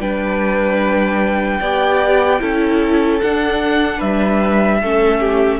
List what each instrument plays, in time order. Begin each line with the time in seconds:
0.00 cello G3, viola D4, violin B4 G5
1.60 cello B3, viola G4, violin D5
2.40 cello C#4, viola E4, violin A4
3.20 viola D4, cello D4, violin F#5
3.97 cello G3, violin B4 E5
4.81 cello A3, viola C#4, violin A4
5.20 violin G4